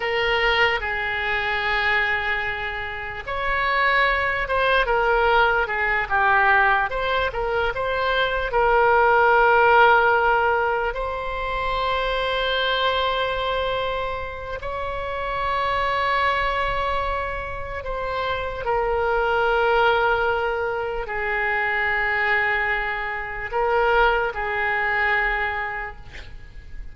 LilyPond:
\new Staff \with { instrumentName = "oboe" } { \time 4/4 \tempo 4 = 74 ais'4 gis'2. | cis''4. c''8 ais'4 gis'8 g'8~ | g'8 c''8 ais'8 c''4 ais'4.~ | ais'4. c''2~ c''8~ |
c''2 cis''2~ | cis''2 c''4 ais'4~ | ais'2 gis'2~ | gis'4 ais'4 gis'2 | }